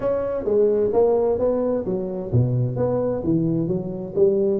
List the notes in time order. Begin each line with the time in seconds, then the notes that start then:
0.00 C#4
0.44 G#3
0.92 A#3
1.38 B3
1.85 F#3
2.31 B2
2.76 B3
3.24 E3
3.67 F#3
4.15 G3